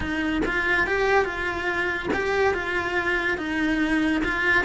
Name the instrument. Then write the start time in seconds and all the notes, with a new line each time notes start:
cello
0.00 D#4
0.45 F4
0.86 G4
1.24 F4
2.13 G4
2.54 F4
3.37 D#4
4.24 F4